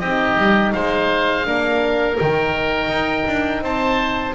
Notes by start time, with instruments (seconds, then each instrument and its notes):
0.00 double bass C4, horn D#4, oboe G4 D#5
0.37 double bass G3
0.72 double bass G#3, oboe C5 F5
1.45 double bass A#3, horn D4, oboe A#4
2.19 double bass D#3, horn D#4, oboe G5
2.88 double bass D#4
3.27 double bass D4
3.61 double bass C4, oboe C5 A5